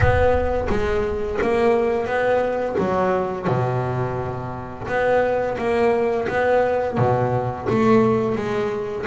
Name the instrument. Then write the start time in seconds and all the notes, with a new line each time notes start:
double bass
0.00 B3
0.69 G#3
1.41 A#3
2.06 B3
2.78 F#3
3.47 B2
4.87 B3
5.58 A#3
6.28 B3
6.97 B2
7.69 A3
8.35 G#3